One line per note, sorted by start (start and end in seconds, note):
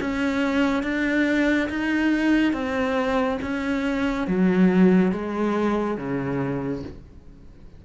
0.00 0.83 C#4
0.83 1.69 D4
1.69 2.53 D#4
2.53 3.39 C4
3.42 4.27 C#4
4.27 5.12 F#3
5.12 5.97 G#3
5.97 6.83 C#3